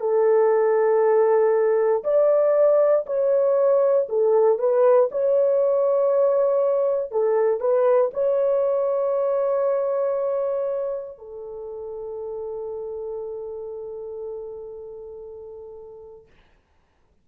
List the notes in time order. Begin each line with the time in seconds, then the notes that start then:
0.00 A4
2.04 D5
3.06 C#5
4.09 A4
4.59 B4
5.11 C#5
7.11 A4
7.60 B4
8.13 C#5
11.18 A4